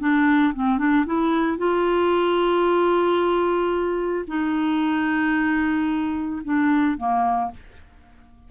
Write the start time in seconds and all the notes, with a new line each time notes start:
0.00 D4
0.55 C4
0.78 D4
1.06 E4
1.58 F4
4.28 D#4
6.45 D4
6.98 A#3